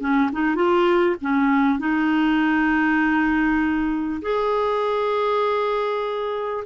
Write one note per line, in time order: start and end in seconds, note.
0.00 0.30 C#4
0.32 0.55 D#4
0.55 1.16 F4
1.21 1.79 C#4
1.79 4.21 D#4
4.22 6.64 G#4